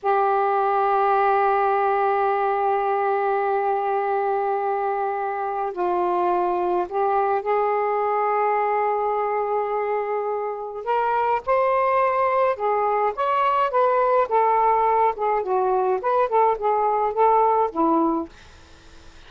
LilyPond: \new Staff \with { instrumentName = "saxophone" } { \time 4/4 \tempo 4 = 105 g'1~ | g'1~ | g'2 f'2 | g'4 gis'2.~ |
gis'2. ais'4 | c''2 gis'4 cis''4 | b'4 a'4. gis'8 fis'4 | b'8 a'8 gis'4 a'4 e'4 | }